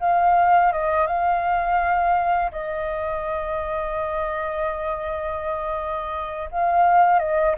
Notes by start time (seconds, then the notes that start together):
0.00 F5
0.72 D#5
1.07 F5
2.52 D#5
6.51 F5
7.19 D#5